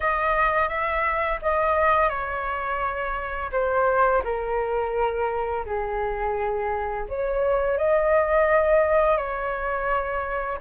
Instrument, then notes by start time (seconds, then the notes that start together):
flute
0.00 D#5
0.69 E5
1.41 D#5
2.09 C#5
3.51 C5
4.24 A#4
5.65 G#4
7.08 C#5
7.77 D#5
9.17 C#5